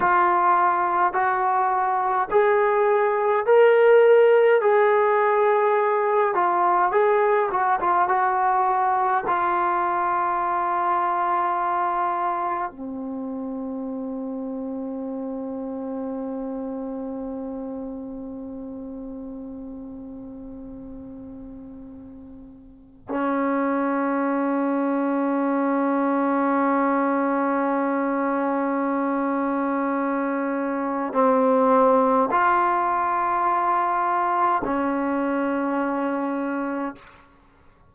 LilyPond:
\new Staff \with { instrumentName = "trombone" } { \time 4/4 \tempo 4 = 52 f'4 fis'4 gis'4 ais'4 | gis'4. f'8 gis'8 fis'16 f'16 fis'4 | f'2. c'4~ | c'1~ |
c'1 | cis'1~ | cis'2. c'4 | f'2 cis'2 | }